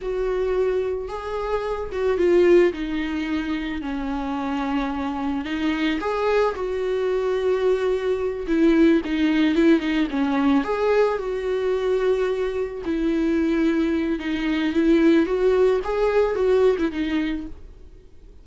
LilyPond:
\new Staff \with { instrumentName = "viola" } { \time 4/4 \tempo 4 = 110 fis'2 gis'4. fis'8 | f'4 dis'2 cis'4~ | cis'2 dis'4 gis'4 | fis'2.~ fis'8 e'8~ |
e'8 dis'4 e'8 dis'8 cis'4 gis'8~ | gis'8 fis'2. e'8~ | e'2 dis'4 e'4 | fis'4 gis'4 fis'8. e'16 dis'4 | }